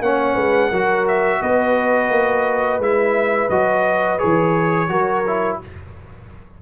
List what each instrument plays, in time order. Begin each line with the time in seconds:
0.00 tuba A#3, trombone C#4, horn C#5, trumpet F#5
0.34 tuba G#3, horn B4
0.69 tuba F#3, trombone F#4, horn A#4
1.08 trumpet E5
1.41 tuba B3, horn B4, trumpet D#5
2.10 tuba A#3
2.79 tuba G#3, trombone E4, trumpet E5
3.49 tuba F#3, trombone F#4, trumpet D#5
4.19 tuba E3, trombone G#4, trumpet C#5
4.89 tuba F#3, trombone F#4, horn A#4
5.27 trombone E4